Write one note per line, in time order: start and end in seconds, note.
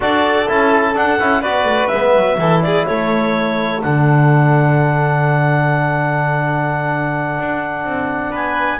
0.00 0.48 D4
0.00 0.47 F#4
0.00 1.40 A4
0.00 0.49 D5
0.47 0.96 C#4
0.47 0.94 E4
0.47 0.96 A5
0.94 1.18 D4
0.94 1.19 D4
0.94 1.42 F#5
1.19 1.42 C#4
1.19 1.44 E4
1.40 1.64 B3
1.40 1.91 F#4
1.40 2.35 B4
1.40 1.87 D5
1.64 1.88 A3
1.87 2.15 G#3
1.87 2.38 B3
1.87 2.58 E5
2.15 2.37 F#3
2.37 2.85 E3
2.37 3.81 E4
2.37 2.63 A4
2.62 2.87 G#4
2.62 2.85 D5
2.86 3.83 A3
2.86 8.30 A4
2.86 3.81 C#5
3.82 7.38 D3
3.82 8.80 D4
3.82 8.34 F#5
7.38 7.84 D4
7.84 8.32 C4
8.30 8.79 B3
8.30 8.78 B4
8.30 8.80 G#5